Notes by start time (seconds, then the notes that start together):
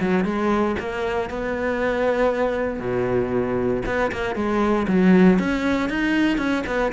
0.00 F#3
0.24 G#3
0.79 A#3
1.30 B3
2.79 B2
3.86 B3
4.11 A#3
4.35 G#3
4.88 F#3
5.39 C#4
5.89 D#4
6.38 C#4
6.66 B3